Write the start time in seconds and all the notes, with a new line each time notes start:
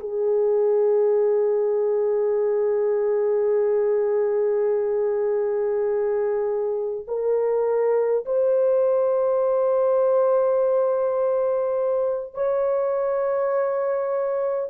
0.00 G#4
7.07 A#4
8.26 C5
12.35 C#5